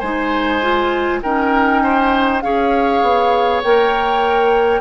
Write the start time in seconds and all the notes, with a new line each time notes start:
0.00 G#3 D#4 C5 G#5
0.62 F4
1.23 C#4 D#4 A#4 G5
1.84 C5
2.42 C#4 G#4 C#5 F5
3.02 B3
3.63 A#3 A#4 G5